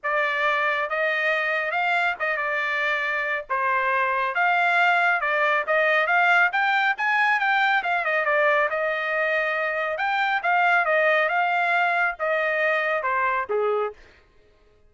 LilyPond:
\new Staff \with { instrumentName = "trumpet" } { \time 4/4 \tempo 4 = 138 d''2 dis''2 | f''4 dis''8 d''2~ d''8 | c''2 f''2 | d''4 dis''4 f''4 g''4 |
gis''4 g''4 f''8 dis''8 d''4 | dis''2. g''4 | f''4 dis''4 f''2 | dis''2 c''4 gis'4 | }